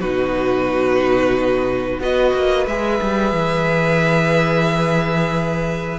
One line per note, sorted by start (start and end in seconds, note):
0.00 1.99 B2
0.00 2.01 D#4
0.00 2.00 F#4
0.00 2.01 B4
1.99 2.33 B3
1.99 2.67 F#4
1.99 6.00 B4
1.99 2.67 D#5
2.34 2.67 A#3
2.67 3.00 G#3
2.67 6.00 G#4
2.67 6.00 E5
3.02 3.32 G3
3.32 5.99 E3